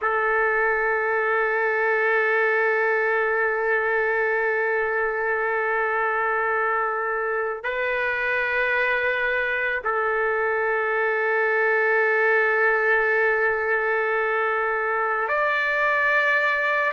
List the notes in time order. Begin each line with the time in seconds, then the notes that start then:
0.01 A4
7.63 B4
9.84 A4
15.28 D5